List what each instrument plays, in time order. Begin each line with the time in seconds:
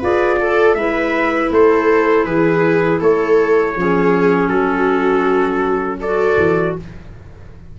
0.00 tuba F4, clarinet G#4, viola B4, trumpet D5
0.41 viola A4, clarinet A4
0.75 tuba G#3, clarinet E4, viola B4, trumpet E5
1.51 tuba A3, viola A4, trumpet C5
2.25 tuba E3, viola G#4, trumpet B4
3.01 tuba A3, viola A4, trumpet C#5
3.77 tuba F3, clarinet C#4, viola G#4
4.49 tuba F#3, viola F#4, trumpet A4
6.00 clarinet F#4, viola A4, trumpet D5
6.38 tuba E3